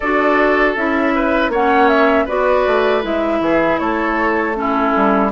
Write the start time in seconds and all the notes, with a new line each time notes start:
0.00 D4 F#4 A4 D5
0.76 C#4 E4 E5
1.15 B4
1.48 A#3 C#5 F#5
1.55 C#4
1.88 E5
2.25 B3 F#4 B4 D5
2.66 A3
3.02 G#3 E4 E5
3.40 E3 G#4
3.78 A3 A4 C#5
4.55 C#4 E4 A4
4.95 G3